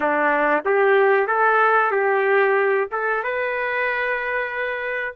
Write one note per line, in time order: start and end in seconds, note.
0.00 0.62 D4
0.65 1.27 G4
1.27 1.91 A4
1.91 2.87 G4
2.91 3.23 A4
3.23 5.15 B4